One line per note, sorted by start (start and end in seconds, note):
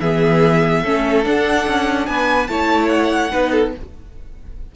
0.00 0.83 E3
0.00 0.84 B3
0.00 0.82 G#4
0.00 1.24 E5
0.82 1.25 A3
0.82 1.23 C#4
0.82 2.06 A4
1.23 2.47 D4
1.23 1.67 D4
1.23 2.06 F#5
1.67 2.07 C#4
2.06 2.48 B3
2.06 2.49 B4
2.06 2.47 G#5
2.47 3.31 A3
2.47 3.31 E4
2.47 3.31 C#5
2.47 2.88 A5
2.88 3.71 F#5
3.31 3.75 B3
3.31 3.72 D#4
3.31 3.51 B4
3.51 3.72 A4